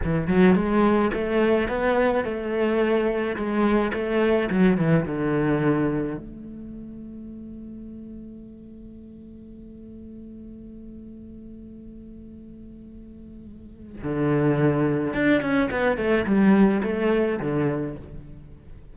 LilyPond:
\new Staff \with { instrumentName = "cello" } { \time 4/4 \tempo 4 = 107 e8 fis8 gis4 a4 b4 | a2 gis4 a4 | fis8 e8 d2 a4~ | a1~ |
a1~ | a1~ | a4 d2 d'8 cis'8 | b8 a8 g4 a4 d4 | }